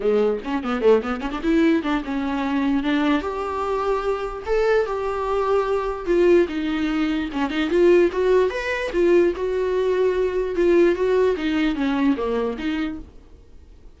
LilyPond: \new Staff \with { instrumentName = "viola" } { \time 4/4 \tempo 4 = 148 gis4 cis'8 b8 a8 b8 cis'16 d'16 e'8~ | e'8 d'8 cis'2 d'4 | g'2. a'4 | g'2. f'4 |
dis'2 cis'8 dis'8 f'4 | fis'4 b'4 f'4 fis'4~ | fis'2 f'4 fis'4 | dis'4 cis'4 ais4 dis'4 | }